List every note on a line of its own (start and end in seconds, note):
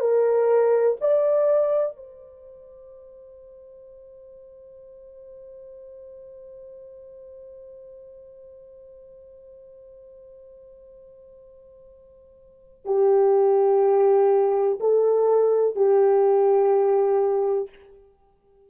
0.00 0.97 A#4
1.01 1.97 D5
1.97 12.85 C5
12.85 14.79 G4
14.80 15.76 A4
15.76 17.69 G4